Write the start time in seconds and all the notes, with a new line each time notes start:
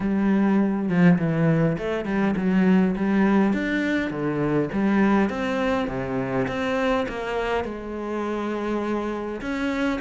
0.00 G3
0.88 F3
1.18 E3
1.78 A3
2.05 G3
2.36 F#3
2.96 G3
3.53 D4
4.10 D3
4.72 G3
5.29 C4
5.88 C3
6.47 C4
7.08 A#3
7.64 G#3
9.41 C#4